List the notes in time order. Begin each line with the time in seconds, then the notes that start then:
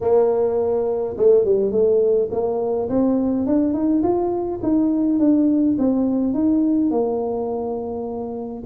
0.00 A#3
1.17 A3
1.44 G3
1.71 A3
2.31 A#3
2.89 C4
3.46 D4
3.73 D#4
4.02 F4
4.62 D#4
5.19 D4
5.78 C4
6.33 D#4
6.90 A#3